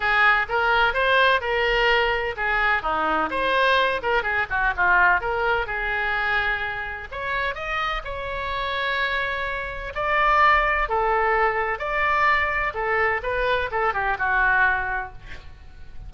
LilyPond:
\new Staff \with { instrumentName = "oboe" } { \time 4/4 \tempo 4 = 127 gis'4 ais'4 c''4 ais'4~ | ais'4 gis'4 dis'4 c''4~ | c''8 ais'8 gis'8 fis'8 f'4 ais'4 | gis'2. cis''4 |
dis''4 cis''2.~ | cis''4 d''2 a'4~ | a'4 d''2 a'4 | b'4 a'8 g'8 fis'2 | }